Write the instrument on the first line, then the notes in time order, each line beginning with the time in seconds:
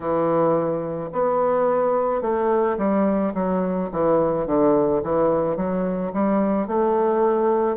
bassoon
0.00 E3
1.12 B3
2.21 A3
2.77 G3
3.34 F#3
3.91 E3
4.46 D3
5.03 E3
5.56 F#3
6.13 G3
6.67 A3